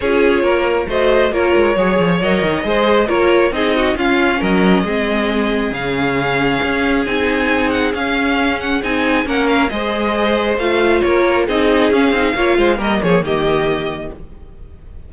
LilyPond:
<<
  \new Staff \with { instrumentName = "violin" } { \time 4/4 \tempo 4 = 136 cis''2 dis''4 cis''4~ | cis''4 dis''2 cis''4 | dis''4 f''4 dis''2~ | dis''4 f''2. |
gis''4. fis''8 f''4. fis''8 | gis''4 fis''8 f''8 dis''2 | f''4 cis''4 dis''4 f''4~ | f''4 dis''8 cis''8 dis''2 | }
  \new Staff \with { instrumentName = "violin" } { \time 4/4 gis'4 ais'4 c''4 ais'4 | cis''2 c''4 ais'4 | gis'8 fis'8 f'4 ais'4 gis'4~ | gis'1~ |
gis'1~ | gis'4 ais'4 c''2~ | c''4 ais'4 gis'2 | cis''8 c''8 ais'8 gis'8 g'2 | }
  \new Staff \with { instrumentName = "viola" } { \time 4/4 f'2 fis'4 f'4 | gis'4 ais'4 gis'4 f'4 | dis'4 cis'2 c'4~ | c'4 cis'2. |
dis'2 cis'2 | dis'4 cis'4 gis'2 | f'2 dis'4 cis'8 dis'8 | f'4 ais2. | }
  \new Staff \with { instrumentName = "cello" } { \time 4/4 cis'4 ais4 a4 ais8 gis8 | fis8 f8 fis8 dis8 gis4 ais4 | c'4 cis'4 fis4 gis4~ | gis4 cis2 cis'4 |
c'2 cis'2 | c'4 ais4 gis2 | a4 ais4 c'4 cis'8 c'8 | ais8 gis8 g8 f8 dis2 | }
>>